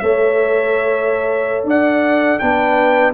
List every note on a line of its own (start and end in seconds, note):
0.00 1.64 A3
0.00 2.41 A4
0.00 1.68 C#5
0.00 1.65 E5
1.64 2.37 D4
1.64 2.41 D5
1.64 2.39 F#5
2.39 3.14 B3
2.39 3.14 D4
2.39 3.14 B4
2.39 3.13 G5